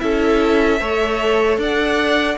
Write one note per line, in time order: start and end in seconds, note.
0.00 0.81 C#4
0.00 0.79 E4
0.00 0.81 A4
0.00 1.58 E5
0.81 1.58 A3
0.81 2.38 A4
0.81 1.60 C#5
1.58 2.37 D4
1.58 2.38 D5
1.58 2.38 F#5